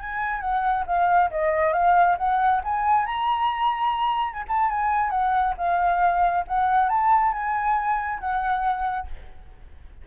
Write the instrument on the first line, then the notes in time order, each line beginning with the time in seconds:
flute
0.00 G#5
0.41 F#5
0.87 F5
1.31 D#5
1.73 F5
2.18 F#5
2.64 G#5
3.06 A#5
4.33 G#5
4.48 A5
4.70 G#5
5.10 F#5
5.58 F5
6.48 F#5
6.89 A5
7.33 G#5
8.19 F#5